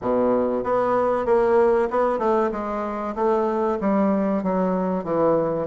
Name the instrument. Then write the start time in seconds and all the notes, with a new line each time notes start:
bassoon
0.01 B2
0.63 B3
1.25 A#3
1.90 B3
2.18 A3
2.51 G#3
3.15 A3
3.80 G3
4.43 F#3
5.04 E3